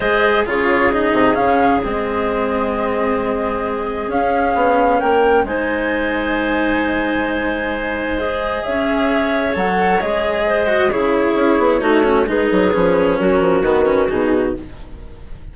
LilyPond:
<<
  \new Staff \with { instrumentName = "flute" } { \time 4/4 \tempo 4 = 132 dis''4 cis''4 dis''4 f''4 | dis''1~ | dis''4 f''2 g''4 | gis''1~ |
gis''2 dis''4 e''4~ | e''4 fis''4 dis''2 | cis''2. b'4~ | b'4 ais'4 b'4 gis'4 | }
  \new Staff \with { instrumentName = "clarinet" } { \time 4/4 c''4 gis'2.~ | gis'1~ | gis'2. ais'4 | c''1~ |
c''2. cis''4~ | cis''2. c''4 | gis'2 fis'4 gis'4~ | gis'4 fis'2. | }
  \new Staff \with { instrumentName = "cello" } { \time 4/4 gis'4 f'4 dis'4 cis'4 | c'1~ | c'4 cis'2. | dis'1~ |
dis'2 gis'2~ | gis'4 a'4 gis'4. fis'8 | e'2 dis'8 cis'8 dis'4 | cis'2 b8 cis'8 dis'4 | }
  \new Staff \with { instrumentName = "bassoon" } { \time 4/4 gis4 cis4. c8 cis4 | gis1~ | gis4 cis'4 b4 ais4 | gis1~ |
gis2. cis'4~ | cis'4 fis4 gis2 | cis4 cis'8 b8 a4 gis8 fis8 | f4 fis8 f8 dis4 b,4 | }
>>